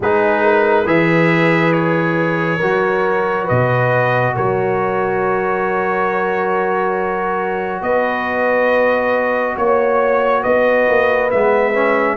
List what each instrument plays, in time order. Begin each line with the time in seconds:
0.00 tuba G#3, trombone D#4, horn G#4, trumpet B4
0.43 horn A#4
0.85 tuba E3, trombone G#4, horn B4, trumpet E5
1.72 trumpet C#5
2.57 tuba F#3, trombone F#4, horn A#4
3.44 tuba B2, horn B4, trumpet D#5
4.34 tuba F#3, horn A#4, trumpet C#5
7.81 tuba B3, horn B4, trumpet D#5
9.56 tuba A#3, trumpet C#5, horn C#5
10.42 tuba B3, horn B4, trumpet D#5
10.88 tuba A#3
11.30 tuba G#3, trombone B3, trumpet E5
11.74 trombone C#4